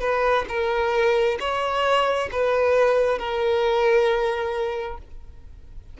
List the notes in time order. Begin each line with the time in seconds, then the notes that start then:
0.00 B4
0.48 A#4
1.40 C#5
2.32 B4
3.18 A#4